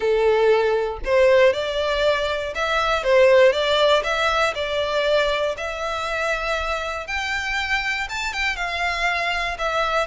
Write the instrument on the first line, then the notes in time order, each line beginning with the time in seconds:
violin
0.00 A4
1.05 C5
1.53 D5
2.55 E5
3.03 C5
3.52 D5
4.03 E5
4.54 D5
5.57 E5
7.07 G5
8.09 A5
8.33 G5
8.56 F5
9.58 E5